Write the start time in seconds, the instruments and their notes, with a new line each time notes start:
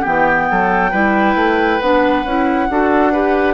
0.00 bassoon E3, clarinet B3, oboe G4, flute G5
0.50 bassoon F#3, oboe A4
0.91 bassoon G3, clarinet E4, oboe B4
1.35 bassoon A3
1.80 bassoon B3, clarinet D4, flute F#5
2.24 bassoon C#4, clarinet E4
2.69 bassoon D4, clarinet F#4, oboe A4
3.12 clarinet G4, oboe B4